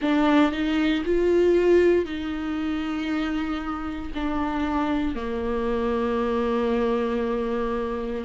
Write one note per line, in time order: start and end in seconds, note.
0.01 0.51 D4
0.51 1.03 D#4
1.05 2.05 F4
2.05 4.11 D#4
4.14 5.15 D4
5.15 8.25 A#3